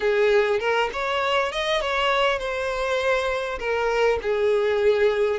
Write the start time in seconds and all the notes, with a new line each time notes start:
0.00 G#4
0.59 A#4
0.92 C#5
1.52 D#5
1.81 C#5
2.38 C5
3.59 A#4
4.22 G#4